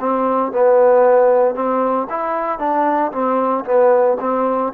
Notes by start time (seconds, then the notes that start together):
0.00 C4
0.52 B3
1.55 C4
2.10 E4
2.59 D4
3.12 C4
3.65 B3
4.20 C4